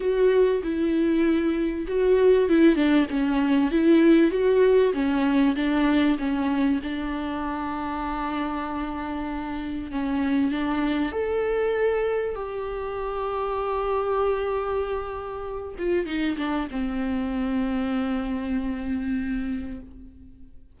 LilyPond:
\new Staff \with { instrumentName = "viola" } { \time 4/4 \tempo 4 = 97 fis'4 e'2 fis'4 | e'8 d'8 cis'4 e'4 fis'4 | cis'4 d'4 cis'4 d'4~ | d'1 |
cis'4 d'4 a'2 | g'1~ | g'4. f'8 dis'8 d'8 c'4~ | c'1 | }